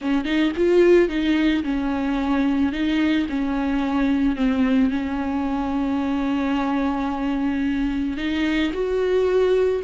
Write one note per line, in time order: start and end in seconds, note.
0.01 0.24 C#4
0.24 0.52 D#4
0.56 1.08 F4
1.08 1.63 D#4
1.63 2.72 C#4
2.72 3.27 D#4
3.29 4.35 C#4
4.35 4.90 C4
4.90 8.17 C#4
8.17 8.71 D#4
8.73 9.82 F#4